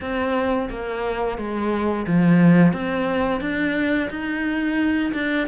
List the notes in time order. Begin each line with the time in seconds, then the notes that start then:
0.00 C4
0.70 A#3
1.38 G#3
2.06 F3
2.72 C4
3.41 D4
4.10 D#4
5.13 D4